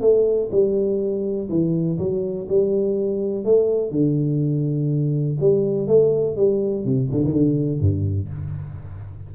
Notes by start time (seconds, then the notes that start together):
0.00 A3
0.51 G3
1.49 E3
1.98 F#3
2.49 G3
3.44 A3
3.90 D3
5.40 G3
5.87 A3
6.36 G3
6.85 C3
7.11 D3
7.24 D#3
7.32 D3
7.80 G2